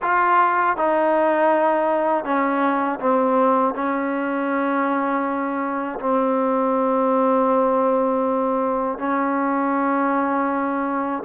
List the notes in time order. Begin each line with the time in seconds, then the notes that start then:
0.02 F4
0.76 D#4
2.24 C#4
2.99 C4
3.74 C#4
5.99 C4
8.98 C#4